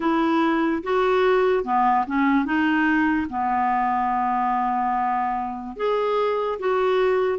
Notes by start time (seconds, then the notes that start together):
0.00 E4
0.83 F#4
1.64 B3
2.06 C#4
2.45 D#4
3.29 B3
5.76 G#4
6.59 F#4